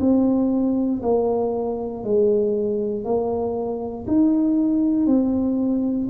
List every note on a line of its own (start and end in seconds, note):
0.00 1.02 C4
1.03 2.04 A#3
2.04 3.05 G#3
3.05 4.06 A#3
4.07 5.06 D#4
5.06 6.08 C4